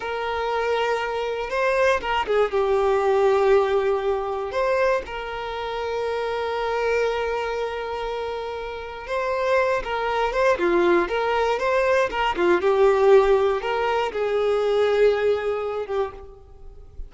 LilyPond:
\new Staff \with { instrumentName = "violin" } { \time 4/4 \tempo 4 = 119 ais'2. c''4 | ais'8 gis'8 g'2.~ | g'4 c''4 ais'2~ | ais'1~ |
ais'2 c''4. ais'8~ | ais'8 c''8 f'4 ais'4 c''4 | ais'8 f'8 g'2 ais'4 | gis'2.~ gis'8 g'8 | }